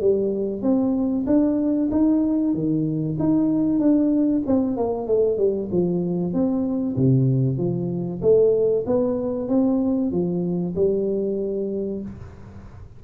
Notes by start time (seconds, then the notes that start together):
0.00 G3
0.62 C4
1.26 D4
1.91 D#4
2.54 D#3
3.19 D#4
3.79 D4
4.46 C4
4.77 A#3
5.07 A3
5.37 G3
5.71 F3
6.33 C4
6.96 C3
7.57 F3
8.21 A3
8.86 B3
9.48 C4
10.11 F3
10.75 G3